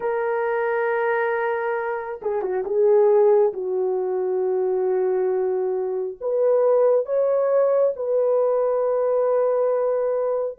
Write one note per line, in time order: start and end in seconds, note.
0.00 2.20 A#4
2.22 2.41 G#4
2.41 2.64 F#4
2.64 3.53 G#4
3.53 6.18 F#4
6.20 7.05 B4
7.05 7.93 C#5
7.96 10.58 B4